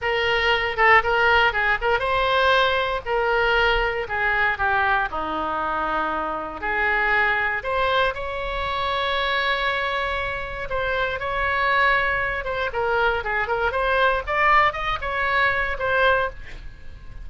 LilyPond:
\new Staff \with { instrumentName = "oboe" } { \time 4/4 \tempo 4 = 118 ais'4. a'8 ais'4 gis'8 ais'8 | c''2 ais'2 | gis'4 g'4 dis'2~ | dis'4 gis'2 c''4 |
cis''1~ | cis''4 c''4 cis''2~ | cis''8 c''8 ais'4 gis'8 ais'8 c''4 | d''4 dis''8 cis''4. c''4 | }